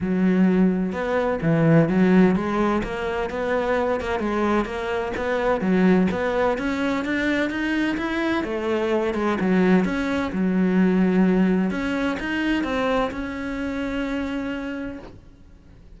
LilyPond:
\new Staff \with { instrumentName = "cello" } { \time 4/4 \tempo 4 = 128 fis2 b4 e4 | fis4 gis4 ais4 b4~ | b8 ais8 gis4 ais4 b4 | fis4 b4 cis'4 d'4 |
dis'4 e'4 a4. gis8 | fis4 cis'4 fis2~ | fis4 cis'4 dis'4 c'4 | cis'1 | }